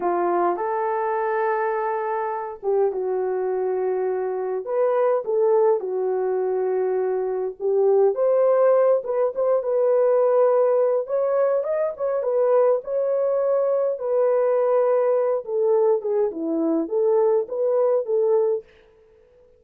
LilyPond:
\new Staff \with { instrumentName = "horn" } { \time 4/4 \tempo 4 = 103 f'4 a'2.~ | a'8 g'8 fis'2. | b'4 a'4 fis'2~ | fis'4 g'4 c''4. b'8 |
c''8 b'2~ b'8 cis''4 | dis''8 cis''8 b'4 cis''2 | b'2~ b'8 a'4 gis'8 | e'4 a'4 b'4 a'4 | }